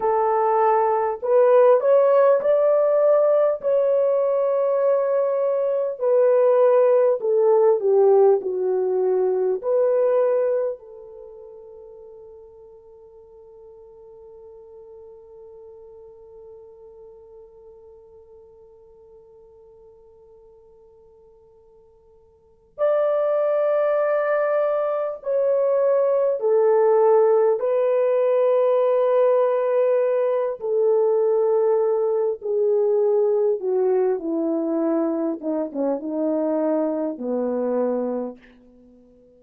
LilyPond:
\new Staff \with { instrumentName = "horn" } { \time 4/4 \tempo 4 = 50 a'4 b'8 cis''8 d''4 cis''4~ | cis''4 b'4 a'8 g'8 fis'4 | b'4 a'2.~ | a'1~ |
a'2. d''4~ | d''4 cis''4 a'4 b'4~ | b'4. a'4. gis'4 | fis'8 e'4 dis'16 cis'16 dis'4 b4 | }